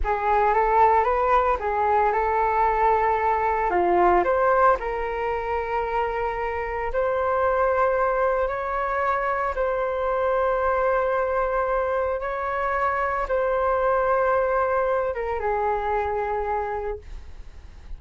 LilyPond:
\new Staff \with { instrumentName = "flute" } { \time 4/4 \tempo 4 = 113 gis'4 a'4 b'4 gis'4 | a'2. f'4 | c''4 ais'2.~ | ais'4 c''2. |
cis''2 c''2~ | c''2. cis''4~ | cis''4 c''2.~ | c''8 ais'8 gis'2. | }